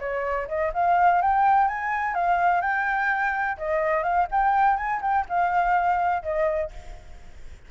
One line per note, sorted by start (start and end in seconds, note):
0.00 0.48 C#5
0.48 0.72 D#5
0.74 1.22 F5
1.22 1.69 G5
1.69 2.15 G#5
2.15 2.62 F5
2.62 3.58 G5
3.58 4.03 D#5
4.03 4.27 F5
4.32 4.77 G5
4.77 5.01 G#5
5.02 5.26 G5
5.29 6.23 F5
6.23 6.71 D#5